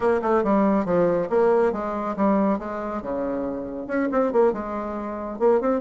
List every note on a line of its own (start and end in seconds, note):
0.00 0.20 A#3
0.22 0.43 A3
0.43 0.85 G3
0.85 1.28 F3
1.29 1.72 A#3
1.72 2.15 G#3
2.16 2.58 G3
2.58 3.02 G#3
3.02 3.87 C#3
3.87 4.08 C#4
4.11 4.32 C4
4.32 4.52 A#3
4.52 5.39 G#3
5.39 5.60 A#3
5.60 5.80 C4